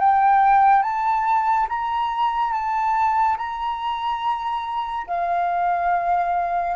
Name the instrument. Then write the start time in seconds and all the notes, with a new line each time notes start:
flute
0.00 G5
0.83 A5
1.69 A#5
2.53 A5
3.38 A#5
5.07 F5